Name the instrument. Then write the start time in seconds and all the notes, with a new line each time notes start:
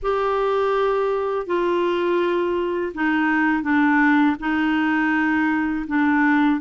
clarinet
0.02 G4
1.46 F4
2.94 D#4
3.63 D4
4.39 D#4
5.87 D4